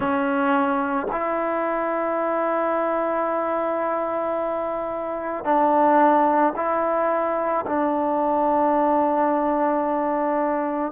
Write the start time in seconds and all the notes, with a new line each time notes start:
0.00 C#4
1.11 E4
5.44 D4
6.56 E4
7.66 D4